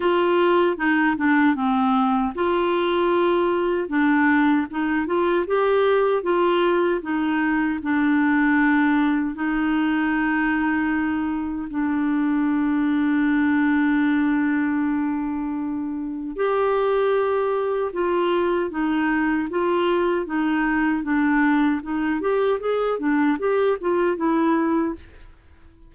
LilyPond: \new Staff \with { instrumentName = "clarinet" } { \time 4/4 \tempo 4 = 77 f'4 dis'8 d'8 c'4 f'4~ | f'4 d'4 dis'8 f'8 g'4 | f'4 dis'4 d'2 | dis'2. d'4~ |
d'1~ | d'4 g'2 f'4 | dis'4 f'4 dis'4 d'4 | dis'8 g'8 gis'8 d'8 g'8 f'8 e'4 | }